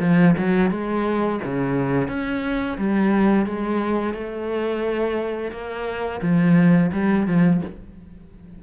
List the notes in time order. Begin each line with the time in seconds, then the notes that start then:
0.00 F3
0.38 F#3
0.71 G#3
1.45 C#3
2.08 C#4
2.78 G3
3.46 G#3
4.14 A3
5.52 A#3
6.22 F3
6.92 G3
7.27 F3